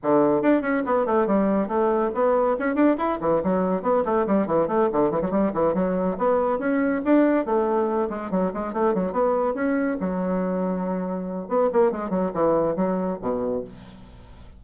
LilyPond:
\new Staff \with { instrumentName = "bassoon" } { \time 4/4 \tempo 4 = 141 d4 d'8 cis'8 b8 a8 g4 | a4 b4 cis'8 d'8 e'8 e8 | fis4 b8 a8 g8 e8 a8 d8 | e16 fis16 g8 e8 fis4 b4 cis'8~ |
cis'8 d'4 a4. gis8 fis8 | gis8 a8 fis8 b4 cis'4 fis8~ | fis2. b8 ais8 | gis8 fis8 e4 fis4 b,4 | }